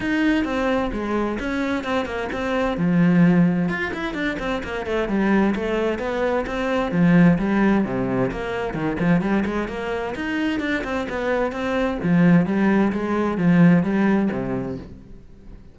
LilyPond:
\new Staff \with { instrumentName = "cello" } { \time 4/4 \tempo 4 = 130 dis'4 c'4 gis4 cis'4 | c'8 ais8 c'4 f2 | f'8 e'8 d'8 c'8 ais8 a8 g4 | a4 b4 c'4 f4 |
g4 c4 ais4 dis8 f8 | g8 gis8 ais4 dis'4 d'8 c'8 | b4 c'4 f4 g4 | gis4 f4 g4 c4 | }